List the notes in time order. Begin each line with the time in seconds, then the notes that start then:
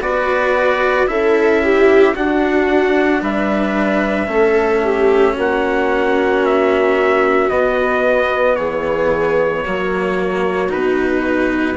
0.00 B3 F#4 B4 D5
1.07 C#4 E4 A4 E5
1.63 G4
2.14 D4 F#4 F#5
3.22 G3 B4 E5
4.27 A3 C#4 A4
4.84 G4
5.33 A#3 F#4
5.40 F#5
6.46 E5
7.49 B3 D#5
8.56 E3 G#4 C#5
9.65 F#3 A#3 F#4
10.69 B2 D#4 B4